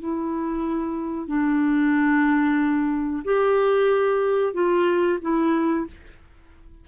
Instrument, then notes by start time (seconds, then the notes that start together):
clarinet
0.00 E4
1.28 D4
3.25 G4
4.54 F4
5.22 E4